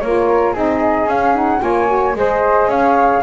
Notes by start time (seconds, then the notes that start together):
0.00 A#3 F4 A#4 C#5
0.54 C4 D#4 G#4 D#5
1.06 C#4 F5
1.35 D#4 F#5
1.61 A#3 F4 C#5 G#5
1.87 F#4
2.15 G#3 G#4 C5 D#5
2.67 C#4 C#5 F5